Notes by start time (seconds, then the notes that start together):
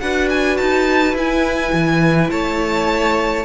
0.00 D4 F#4 B4 F#5
0.30 G#5
0.57 D#4 A5
1.14 E4 G#5
1.73 E3
2.31 A3 C#5 A5